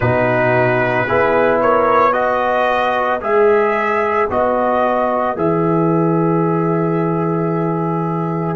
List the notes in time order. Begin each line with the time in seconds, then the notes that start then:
0.00 B2 D#4 F#4 B4
1.06 B3 E4 G#4
1.60 A#4 C#5
2.12 F#4 B4 D#5
3.20 G#3 G#4 E5
4.29 B3 F#4 D#5
5.36 E3 G#4 E5